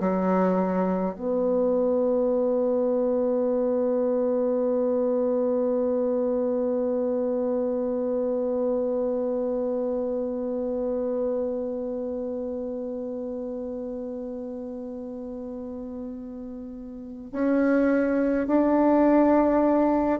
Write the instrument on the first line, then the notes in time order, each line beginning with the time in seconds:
bassoon
0.00 F#3
1.15 B3
17.32 C#4
18.47 D4